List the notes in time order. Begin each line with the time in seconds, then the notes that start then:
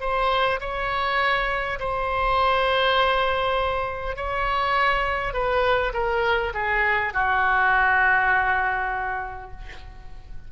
0.00 C5
0.60 C#5
1.79 C5
4.16 C#5
5.33 B4
5.94 A#4
6.54 G#4
7.13 F#4